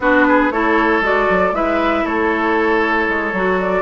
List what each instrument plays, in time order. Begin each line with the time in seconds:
0.00 bassoon B3, clarinet D4, oboe F#4, flute B4
0.28 oboe G#4
0.50 bassoon A3, clarinet E4, oboe A4, flute C#5
1.01 bassoon G#3, clarinet F#4, flute D5
1.29 bassoon F#3
1.52 bassoon G#3, clarinet E4, oboe B4, flute E5
2.04 bassoon A3, oboe A4, flute C#5
3.08 bassoon G#3
3.32 bassoon F#3, clarinet F#4
3.59 flute D5